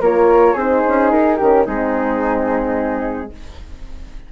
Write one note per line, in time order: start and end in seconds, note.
0.00 0.54 A#3
0.00 0.57 F4
0.00 0.53 A#4
0.00 0.58 C#5
0.53 0.82 C4
0.53 1.40 D#4
0.53 1.36 G#4
0.53 1.11 C5
0.87 1.12 C#4
1.11 1.39 D#4
1.11 1.66 A#4
1.36 1.66 D#3
1.36 1.65 C#4
1.36 1.64 G4
1.65 3.31 G#3
1.65 3.31 C4
1.65 3.30 D#4
1.65 3.32 G#4